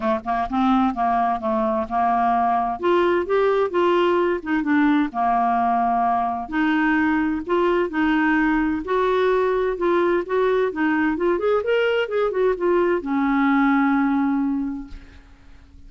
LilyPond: \new Staff \with { instrumentName = "clarinet" } { \time 4/4 \tempo 4 = 129 a8 ais8 c'4 ais4 a4 | ais2 f'4 g'4 | f'4. dis'8 d'4 ais4~ | ais2 dis'2 |
f'4 dis'2 fis'4~ | fis'4 f'4 fis'4 dis'4 | f'8 gis'8 ais'4 gis'8 fis'8 f'4 | cis'1 | }